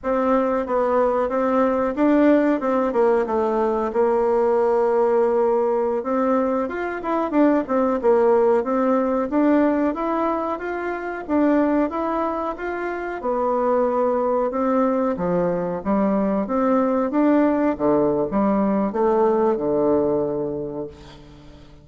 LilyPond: \new Staff \with { instrumentName = "bassoon" } { \time 4/4 \tempo 4 = 92 c'4 b4 c'4 d'4 | c'8 ais8 a4 ais2~ | ais4~ ais16 c'4 f'8 e'8 d'8 c'16~ | c'16 ais4 c'4 d'4 e'8.~ |
e'16 f'4 d'4 e'4 f'8.~ | f'16 b2 c'4 f8.~ | f16 g4 c'4 d'4 d8. | g4 a4 d2 | }